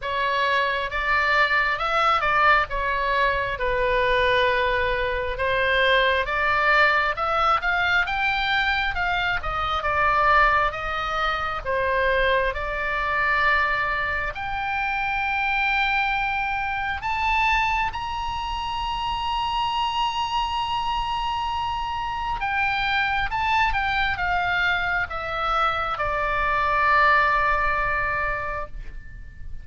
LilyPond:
\new Staff \with { instrumentName = "oboe" } { \time 4/4 \tempo 4 = 67 cis''4 d''4 e''8 d''8 cis''4 | b'2 c''4 d''4 | e''8 f''8 g''4 f''8 dis''8 d''4 | dis''4 c''4 d''2 |
g''2. a''4 | ais''1~ | ais''4 g''4 a''8 g''8 f''4 | e''4 d''2. | }